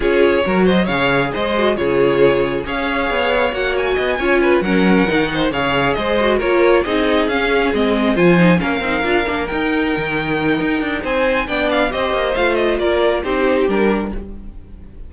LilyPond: <<
  \new Staff \with { instrumentName = "violin" } { \time 4/4 \tempo 4 = 136 cis''4. dis''8 f''4 dis''4 | cis''2 f''2 | fis''8 gis''2 fis''4.~ | fis''8 f''4 dis''4 cis''4 dis''8~ |
dis''8 f''4 dis''4 gis''4 f''8~ | f''4. g''2~ g''8~ | g''4 gis''4 g''8 f''8 dis''4 | f''8 dis''8 d''4 c''4 ais'4 | }
  \new Staff \with { instrumentName = "violin" } { \time 4/4 gis'4 ais'8 c''8 cis''4 c''4 | gis'2 cis''2~ | cis''4 dis''8 cis''8 b'8 ais'4. | c''8 cis''4 c''4 ais'4 gis'8~ |
gis'2~ gis'8 c''4 ais'8~ | ais'1~ | ais'4 c''4 d''4 c''4~ | c''4 ais'4 g'2 | }
  \new Staff \with { instrumentName = "viola" } { \time 4/4 f'4 fis'4 gis'4. fis'8 | f'2 gis'2 | fis'4. f'4 cis'4 dis'8~ | dis'8 gis'4. fis'8 f'4 dis'8~ |
dis'8 cis'4 c'4 f'8 dis'8 cis'8 | dis'8 f'8 d'8 dis'2~ dis'8~ | dis'2 d'4 g'4 | f'2 dis'4 d'4 | }
  \new Staff \with { instrumentName = "cello" } { \time 4/4 cis'4 fis4 cis4 gis4 | cis2 cis'4 b4 | ais4 b8 cis'4 fis4 dis8~ | dis8 cis4 gis4 ais4 c'8~ |
c'8 cis'4 gis4 f4 ais8 | c'8 d'8 ais8 dis'4 dis4. | dis'8 d'8 c'4 b4 c'8 ais8 | a4 ais4 c'4 g4 | }
>>